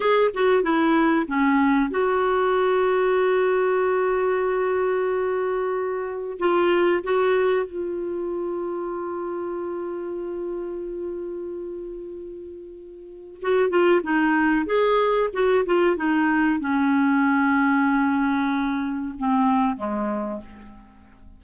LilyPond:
\new Staff \with { instrumentName = "clarinet" } { \time 4/4 \tempo 4 = 94 gis'8 fis'8 e'4 cis'4 fis'4~ | fis'1~ | fis'2 f'4 fis'4 | f'1~ |
f'1~ | f'4 fis'8 f'8 dis'4 gis'4 | fis'8 f'8 dis'4 cis'2~ | cis'2 c'4 gis4 | }